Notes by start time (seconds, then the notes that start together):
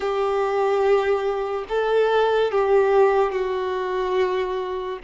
0.00 G4
1.68 A4
2.51 G4
3.31 F#4